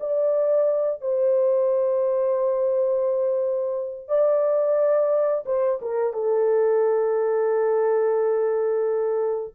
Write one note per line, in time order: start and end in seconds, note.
0.00 1.02 D5
1.02 4.08 C5
4.08 5.45 D5
5.46 5.80 C5
5.82 6.14 A#4
6.14 9.55 A4